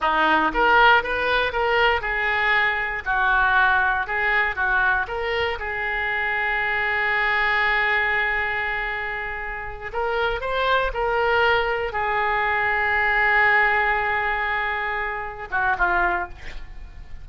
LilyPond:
\new Staff \with { instrumentName = "oboe" } { \time 4/4 \tempo 4 = 118 dis'4 ais'4 b'4 ais'4 | gis'2 fis'2 | gis'4 fis'4 ais'4 gis'4~ | gis'1~ |
gis'2.~ gis'8 ais'8~ | ais'8 c''4 ais'2 gis'8~ | gis'1~ | gis'2~ gis'8 fis'8 f'4 | }